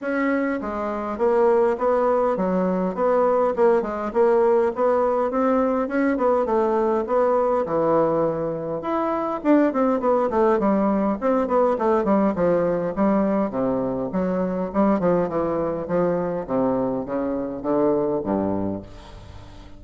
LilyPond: \new Staff \with { instrumentName = "bassoon" } { \time 4/4 \tempo 4 = 102 cis'4 gis4 ais4 b4 | fis4 b4 ais8 gis8 ais4 | b4 c'4 cis'8 b8 a4 | b4 e2 e'4 |
d'8 c'8 b8 a8 g4 c'8 b8 | a8 g8 f4 g4 c4 | fis4 g8 f8 e4 f4 | c4 cis4 d4 g,4 | }